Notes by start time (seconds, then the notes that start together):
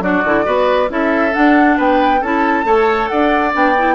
0.00 F#3 D4 F#4 D5
0.25 D3 E4
0.44 B3 F#4 B4
0.89 C#4 E4 A4 E5
1.33 D4 F#5
1.77 B3 B4 G5
2.21 C#4 E4 A4 A5
2.64 A3 A4 C#5
3.08 D4 D5 F#5
3.52 B3 D4 G5
3.78 E4